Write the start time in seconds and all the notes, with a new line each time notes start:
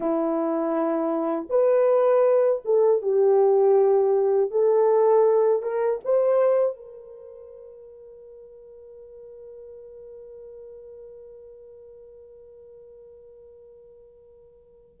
0.00 E4
1.49 B4
2.65 A4
3.02 G4
4.50 A4
5.62 A#4
6.04 C5
6.76 A#4